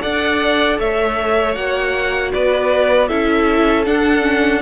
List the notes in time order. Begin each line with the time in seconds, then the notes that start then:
0.00 D4 A4 D5 F#5
0.78 A3 C#5 E5
1.54 A#3 F#4 F#5
2.33 B3 B4 D5
3.08 C#4 E4 A4 E5
3.85 D4 F#5
4.21 C#4